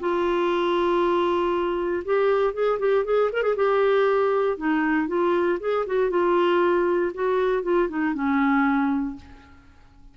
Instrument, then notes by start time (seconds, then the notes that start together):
clarinet
0.00 F4
2.05 G4
2.54 G#4
2.79 G4
3.05 G#4
3.33 A#4
3.43 G#4
3.56 G4
4.58 D#4
5.08 F4
5.60 G#4
5.86 F#4
6.10 F4
7.14 F#4
7.63 F4
7.89 D#4
8.14 C#4